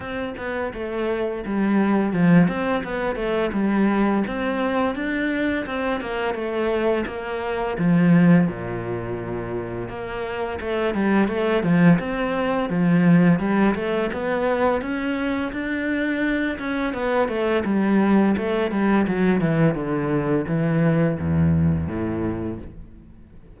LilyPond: \new Staff \with { instrumentName = "cello" } { \time 4/4 \tempo 4 = 85 c'8 b8 a4 g4 f8 c'8 | b8 a8 g4 c'4 d'4 | c'8 ais8 a4 ais4 f4 | ais,2 ais4 a8 g8 |
a8 f8 c'4 f4 g8 a8 | b4 cis'4 d'4. cis'8 | b8 a8 g4 a8 g8 fis8 e8 | d4 e4 e,4 a,4 | }